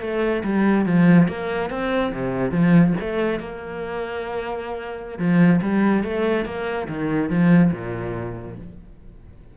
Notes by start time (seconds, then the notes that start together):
0.00 A3
0.43 G3
0.85 F3
1.28 A#3
1.70 C4
2.12 C3
2.51 F3
3.00 A3
3.39 A#3
5.18 F3
5.61 G3
6.03 A3
6.45 A#3
6.88 D#3
7.29 F3
7.72 A#2